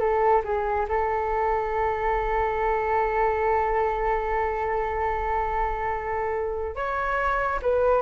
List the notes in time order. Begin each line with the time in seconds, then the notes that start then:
0.00 A4
0.45 G#4
0.88 A4
6.76 C#5
7.62 B4